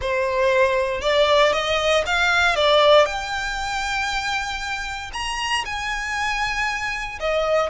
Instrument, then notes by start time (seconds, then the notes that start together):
violin
0.01 C5
1.01 D5
1.52 D#5
2.06 F5
2.55 D5
3.05 G5
5.13 A#5
5.65 G#5
7.20 D#5